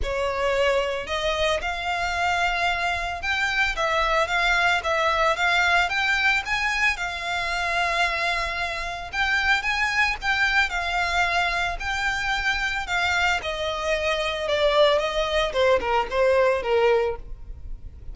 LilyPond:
\new Staff \with { instrumentName = "violin" } { \time 4/4 \tempo 4 = 112 cis''2 dis''4 f''4~ | f''2 g''4 e''4 | f''4 e''4 f''4 g''4 | gis''4 f''2.~ |
f''4 g''4 gis''4 g''4 | f''2 g''2 | f''4 dis''2 d''4 | dis''4 c''8 ais'8 c''4 ais'4 | }